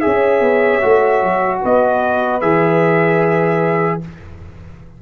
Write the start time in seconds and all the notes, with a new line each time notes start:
0.00 G#4 C#5 E5
0.06 C#4
0.40 B3
0.82 A3 F#4
1.23 F#3
1.62 B3 B4 D#5
2.41 E3 G#4 E5